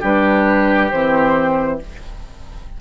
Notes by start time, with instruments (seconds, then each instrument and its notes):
0.00 bassoon G3, clarinet D4, oboe G4, flute B4
0.91 bassoon E3, clarinet C4, flute C5